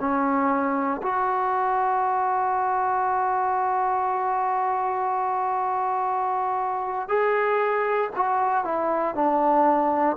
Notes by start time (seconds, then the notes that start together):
0.00 C#4
1.03 F#4
7.09 G#4
8.16 F#4
8.64 E4
9.15 D4